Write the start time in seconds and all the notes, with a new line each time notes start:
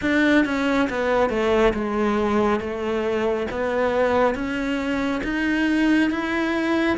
0.01 D4
0.45 C#4
0.89 B3
1.29 A3
1.74 G#3
2.59 A3
3.51 B3
4.34 C#4
5.23 D#4
6.10 E4